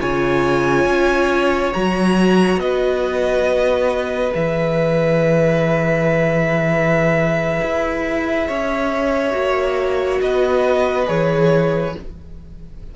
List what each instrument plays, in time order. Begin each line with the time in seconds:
0.00 cello C#3, viola F4, violin C#5 G#5
0.85 cello C#4
1.73 cello F#3, viola F#4, violin A#5
2.57 cello B3, violin B4 D#5
4.31 cello E3, viola G#4, violin E5
7.62 cello E4
8.47 cello C#4, violin C#5
9.32 cello A#3, viola F#4
10.21 cello B3, violin B4 D#5
11.06 cello E3, viola G#4, violin C#5